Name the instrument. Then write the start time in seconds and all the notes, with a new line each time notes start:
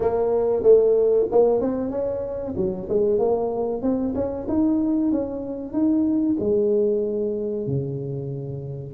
tuba
0.00 A#3
0.62 A3
1.31 A#3
1.60 C4
1.90 C#4
2.56 F#3
2.89 G#3
3.18 A#3
3.82 C4
4.15 C#4
4.48 D#4
5.11 C#4
5.72 D#4
6.39 G#3
7.67 C#3